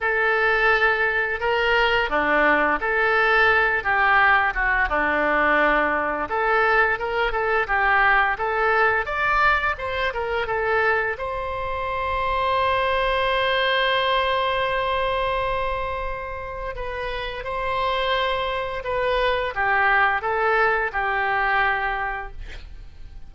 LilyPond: \new Staff \with { instrumentName = "oboe" } { \time 4/4 \tempo 4 = 86 a'2 ais'4 d'4 | a'4. g'4 fis'8 d'4~ | d'4 a'4 ais'8 a'8 g'4 | a'4 d''4 c''8 ais'8 a'4 |
c''1~ | c''1 | b'4 c''2 b'4 | g'4 a'4 g'2 | }